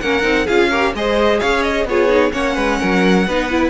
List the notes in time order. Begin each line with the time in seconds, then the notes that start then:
0.00 A#3 C#4 A#4 F#5
0.22 C4 D#4
0.45 C#4 F4 G#4 F5
0.69 G4 A#4
0.94 G#3 G#4 C5 D#5
1.39 C#4 C#5 F5
1.62 D#5
1.84 B3 F4 G#4 C#5
2.08 D#4
2.32 A#3 C#4 C#5 F#5
2.55 G#3 B4
2.79 F#3 A#4
3.27 B3 D#4 B4
3.50 E4